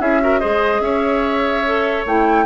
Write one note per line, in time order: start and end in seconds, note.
0.00 0.41 C#4
0.00 0.20 E4
0.00 0.21 G#4
0.00 0.39 E5
0.20 0.40 F#4
0.20 0.40 A#4
0.39 0.80 G#3
0.39 1.64 G#4
0.39 0.81 C5
0.39 0.80 D#5
0.80 2.03 C#4
0.80 2.45 C#5
0.80 2.04 E5
1.65 2.07 A4
2.05 2.45 A3
2.05 2.45 E4
2.05 2.45 G5